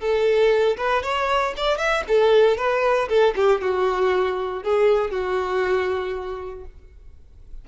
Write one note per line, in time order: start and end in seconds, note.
0.00 0.77 A4
0.78 1.03 B4
1.03 1.54 C#5
1.57 1.78 D5
1.78 2.03 E5
2.08 2.57 A4
2.57 3.09 B4
3.09 3.34 A4
3.36 3.61 G4
3.61 4.64 F#4
4.64 5.11 G#4
5.11 6.65 F#4